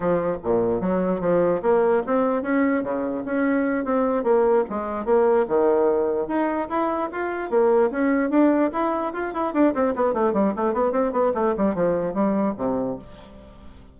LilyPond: \new Staff \with { instrumentName = "bassoon" } { \time 4/4 \tempo 4 = 148 f4 ais,4 fis4 f4 | ais4 c'4 cis'4 cis4 | cis'4. c'4 ais4 gis8~ | gis8 ais4 dis2 dis'8~ |
dis'8 e'4 f'4 ais4 cis'8~ | cis'8 d'4 e'4 f'8 e'8 d'8 | c'8 b8 a8 g8 a8 b8 c'8 b8 | a8 g8 f4 g4 c4 | }